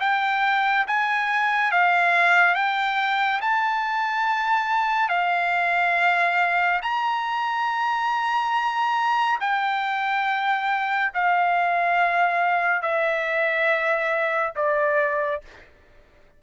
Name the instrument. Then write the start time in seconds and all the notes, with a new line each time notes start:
trumpet
0.00 G5
0.87 G#5
1.71 F5
2.54 G5
3.41 A5
5.08 F5
6.82 A#5
9.40 G5
11.14 F5
12.82 E5
14.55 D5